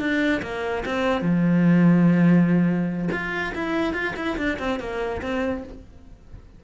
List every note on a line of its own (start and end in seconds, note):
0.00 0.42 D4
0.42 0.84 A#3
0.86 1.21 C4
1.21 3.09 F3
3.12 3.53 F4
3.55 3.93 E4
3.93 4.14 F4
4.16 4.37 E4
4.38 4.59 D4
4.59 4.80 C4
4.80 5.22 A#3
5.22 5.64 C4